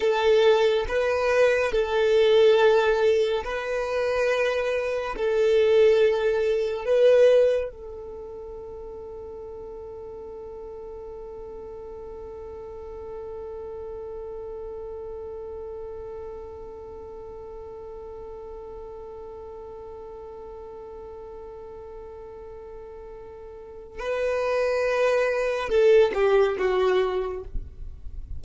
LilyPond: \new Staff \with { instrumentName = "violin" } { \time 4/4 \tempo 4 = 70 a'4 b'4 a'2 | b'2 a'2 | b'4 a'2.~ | a'1~ |
a'1~ | a'1~ | a'1 | b'2 a'8 g'8 fis'4 | }